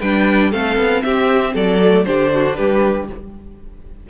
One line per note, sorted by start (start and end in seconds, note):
0.00 0.53 G3
0.00 0.52 D4
0.00 0.51 B4
0.00 0.52 G5
0.51 0.77 A3
0.51 1.80 C4
0.51 1.02 A4
0.51 1.02 F5
0.77 1.02 B3
1.02 1.55 C4
1.02 1.54 G4
1.02 1.53 E5
1.54 2.06 F#3
1.54 2.05 A4
1.54 2.05 D5
1.82 2.06 A3
2.05 2.58 D3
2.05 3.08 D4
2.05 2.33 G4
2.05 2.56 C5
2.33 2.57 F#4
2.56 3.10 G3
2.56 3.08 G4
2.56 3.07 B4